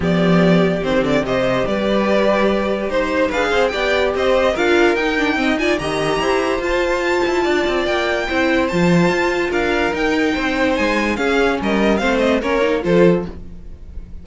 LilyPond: <<
  \new Staff \with { instrumentName = "violin" } { \time 4/4 \tempo 4 = 145 d''2 c''8 d''8 dis''4 | d''2. c''4 | f''4 g''4 dis''4 f''4 | g''4. gis''8 ais''2 |
a''2. g''4~ | g''4 a''2 f''4 | g''2 gis''4 f''4 | dis''4 f''8 dis''8 cis''4 c''4 | }
  \new Staff \with { instrumentName = "violin" } { \time 4/4 g'2. c''4 | b'2. c''4 | b'8 c''8 d''4 c''4 ais'4~ | ais'4 dis''8 d''8 dis''4 c''4~ |
c''2 d''2 | c''2. ais'4~ | ais'4 c''2 gis'4 | ais'4 c''4 ais'4 a'4 | }
  \new Staff \with { instrumentName = "viola" } { \time 4/4 b2 c'4 g'4~ | g'1 | gis'4 g'2 f'4 | dis'8 d'8 c'8 f'8 g'2 |
f'1 | e'4 f'2. | dis'2. cis'4~ | cis'4 c'4 cis'8 dis'8 f'4 | }
  \new Staff \with { instrumentName = "cello" } { \time 4/4 f2 dis8 d8 c4 | g2. dis'4 | d'8 c'8 b4 c'4 d'4 | dis'2 dis4 e'4 |
f'4. e'8 d'8 c'8 ais4 | c'4 f4 f'4 d'4 | dis'4 c'4 gis4 cis'4 | g4 a4 ais4 f4 | }
>>